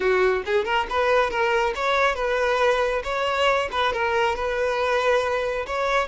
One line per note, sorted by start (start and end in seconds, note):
0.00 0.43 F#4
0.45 0.64 G#4
0.64 0.86 A#4
0.89 1.30 B4
1.30 1.73 A#4
1.75 2.15 C#5
2.15 3.02 B4
3.03 3.69 C#5
3.71 3.92 B4
3.92 4.35 A#4
4.35 5.65 B4
5.66 6.07 C#5